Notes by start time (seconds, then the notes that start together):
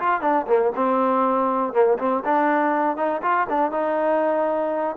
0.00 F4
0.21 D4
0.47 A#3
0.76 C4
1.73 A#3
1.99 C4
2.25 D4
2.97 D#4
3.22 F4
3.50 D4
3.72 D#4